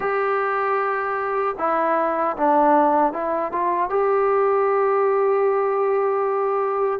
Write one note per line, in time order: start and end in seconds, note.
0.00 1.55 G4
1.58 2.36 E4
2.37 3.12 D4
3.12 3.51 E4
3.51 3.89 F4
3.89 7.00 G4